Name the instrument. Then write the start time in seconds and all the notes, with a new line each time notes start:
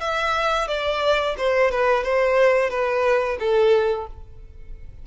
violin
0.00 E5
0.67 D5
1.37 C5
1.71 B4
2.03 C5
2.70 B4
3.39 A4